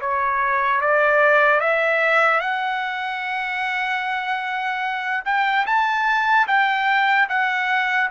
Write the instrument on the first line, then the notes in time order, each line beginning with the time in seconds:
trumpet
0.00 C#5
0.81 D5
1.60 E5
2.40 F#5
5.25 G5
5.66 A5
6.47 G5
7.29 F#5